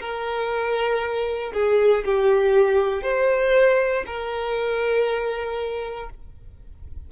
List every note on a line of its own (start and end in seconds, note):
0.00 1.53 A#4
1.53 2.04 G#4
2.05 3.03 G4
3.03 4.04 C5
4.06 6.10 A#4